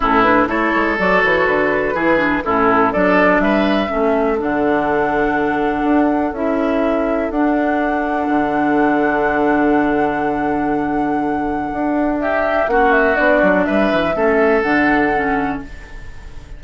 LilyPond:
<<
  \new Staff \with { instrumentName = "flute" } { \time 4/4 \tempo 4 = 123 a'8 b'8 cis''4 d''8 cis''8 b'4~ | b'4 a'4 d''4 e''4~ | e''4 fis''2.~ | fis''4 e''2 fis''4~ |
fis''1~ | fis''1~ | fis''4 e''4 fis''8 e''8 d''4 | e''2 fis''2 | }
  \new Staff \with { instrumentName = "oboe" } { \time 4/4 e'4 a'2. | gis'4 e'4 a'4 b'4 | a'1~ | a'1~ |
a'1~ | a'1~ | a'4 g'4 fis'2 | b'4 a'2. | }
  \new Staff \with { instrumentName = "clarinet" } { \time 4/4 cis'8 d'8 e'4 fis'2 | e'8 d'8 cis'4 d'2 | cis'4 d'2.~ | d'4 e'2 d'4~ |
d'1~ | d'1~ | d'2 cis'4 d'4~ | d'4 cis'4 d'4 cis'4 | }
  \new Staff \with { instrumentName = "bassoon" } { \time 4/4 a,4 a8 gis8 fis8 e8 d4 | e4 a,4 fis4 g4 | a4 d2. | d'4 cis'2 d'4~ |
d'4 d2.~ | d1 | d'2 ais4 b8 fis8 | g8 e8 a4 d2 | }
>>